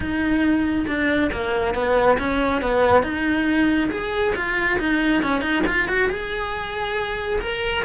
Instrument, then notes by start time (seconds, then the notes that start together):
cello
0.00 D#4
0.87 D4
1.32 A#3
1.74 B3
2.18 C#4
2.61 B3
3.02 D#4
3.90 G#4
4.35 F4
4.79 D#4
5.23 C#4
5.41 D#4
5.67 F4
5.88 F#4
6.09 G#4
7.40 A#4